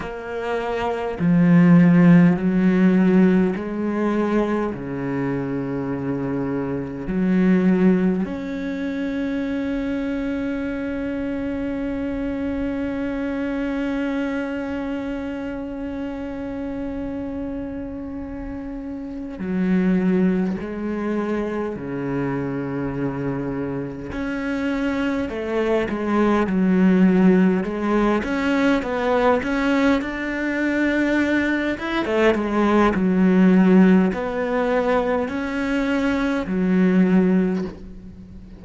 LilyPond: \new Staff \with { instrumentName = "cello" } { \time 4/4 \tempo 4 = 51 ais4 f4 fis4 gis4 | cis2 fis4 cis'4~ | cis'1~ | cis'1~ |
cis'8 fis4 gis4 cis4.~ | cis8 cis'4 a8 gis8 fis4 gis8 | cis'8 b8 cis'8 d'4. e'16 a16 gis8 | fis4 b4 cis'4 fis4 | }